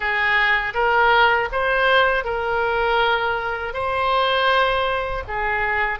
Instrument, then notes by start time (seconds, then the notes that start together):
oboe
0.00 G#4
0.74 A#4
1.51 C5
2.24 A#4
3.73 C5
5.27 G#4